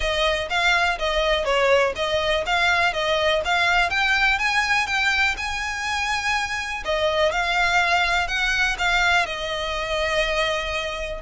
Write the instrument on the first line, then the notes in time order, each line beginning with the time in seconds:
violin
0.00 D#5
0.49 F5
0.98 D#5
1.44 C#5
1.95 D#5
2.45 F5
2.93 D#5
3.44 F5
3.90 G5
4.38 G#5
4.86 G5
5.37 G#5
6.84 D#5
7.31 F5
8.27 F#5
8.78 F5
9.25 D#5